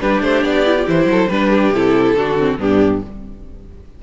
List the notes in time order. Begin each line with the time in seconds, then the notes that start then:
0.00 G3 D4 G4 B4
0.21 A3 C5
0.43 B3 D5
0.65 E4
0.77 F4
0.86 E3 E4 C5
1.05 F#3 A4
1.28 G3 D4 B4
1.49 G4
1.70 C3 E4 A4
2.14 D3 D4 F#4
2.38 C4
2.58 G2 B3 D4 G4